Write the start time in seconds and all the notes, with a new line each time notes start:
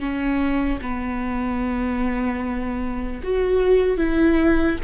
0.00 C#4
0.82 B3
3.24 F#4
3.98 E4